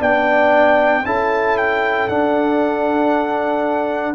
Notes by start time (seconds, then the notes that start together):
0.00 B3 D4 D5 G5
1.05 C#4 E4 A4 A5
1.58 G5
2.08 D4 F#5